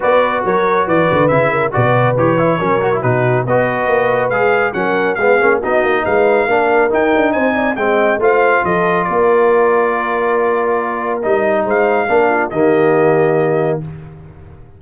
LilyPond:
<<
  \new Staff \with { instrumentName = "trumpet" } { \time 4/4 \tempo 4 = 139 d''4 cis''4 d''4 e''4 | d''4 cis''2 b'4 | dis''2 f''4 fis''4 | f''4 dis''4 f''2 |
g''4 gis''4 g''4 f''4 | dis''4 d''2.~ | d''2 dis''4 f''4~ | f''4 dis''2. | }
  \new Staff \with { instrumentName = "horn" } { \time 4/4 b'4 ais'4 b'4. ais'8 | b'2 ais'4 fis'4 | b'2. ais'4 | gis'4 fis'4 b'4 ais'4~ |
ais'4 c''8 d''8 dis''4 c''4 | a'4 ais'2.~ | ais'2. c''4 | ais'8 f'8 g'2. | }
  \new Staff \with { instrumentName = "trombone" } { \time 4/4 fis'2. e'4 | fis'4 g'8 e'8 cis'8 fis'16 e'16 dis'4 | fis'2 gis'4 cis'4 | b8 cis'8 dis'2 d'4 |
dis'2 c'4 f'4~ | f'1~ | f'2 dis'2 | d'4 ais2. | }
  \new Staff \with { instrumentName = "tuba" } { \time 4/4 b4 fis4 e8 d8 cis4 | b,4 e4 fis4 b,4 | b4 ais4 gis4 fis4 | gis8 ais8 b8 ais8 gis4 ais4 |
dis'8 d'8 c'4 gis4 a4 | f4 ais2.~ | ais2 g4 gis4 | ais4 dis2. | }
>>